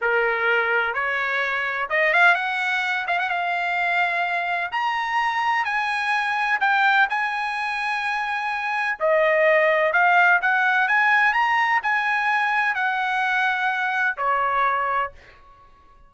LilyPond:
\new Staff \with { instrumentName = "trumpet" } { \time 4/4 \tempo 4 = 127 ais'2 cis''2 | dis''8 f''8 fis''4. f''16 fis''16 f''4~ | f''2 ais''2 | gis''2 g''4 gis''4~ |
gis''2. dis''4~ | dis''4 f''4 fis''4 gis''4 | ais''4 gis''2 fis''4~ | fis''2 cis''2 | }